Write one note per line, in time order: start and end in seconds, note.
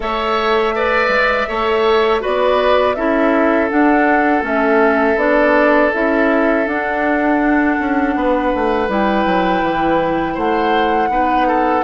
0.00 1.08 A3
0.00 0.74 A4
0.00 0.75 C#5
0.00 2.23 E5
0.75 1.48 B4
0.75 1.48 D5
1.08 1.45 G#3
1.48 2.23 A3
1.48 2.20 A4
1.48 2.21 C#5
2.20 2.94 F#4
2.20 2.95 B4
2.20 2.95 D5
2.26 2.96 B3
2.95 3.70 C#4
2.95 3.69 E4
2.95 8.14 A4
2.95 3.69 E5
3.69 4.42 D4
3.69 4.43 F#5
4.42 5.16 A3
4.42 5.16 C#4
4.42 5.18 E5
5.16 5.90 B3
5.16 5.92 D4
5.16 5.92 D5
5.92 6.66 C#4
5.92 6.65 E4
5.92 6.67 E5
6.65 8.88 D4
6.65 7.77 D4
6.65 8.89 F#5
7.79 8.15 C#4
8.15 8.52 B3
8.15 10.33 B4
8.55 8.88 A3
8.88 9.25 G3
8.88 11.09 E4
8.88 10.36 G5
9.25 9.62 F#3
9.62 10.36 E3
10.33 11.08 A3
10.33 11.08 C5
10.33 11.83 F#5
11.08 11.83 B3
11.08 11.83 D#4
11.08 11.47 B4
11.47 11.83 A4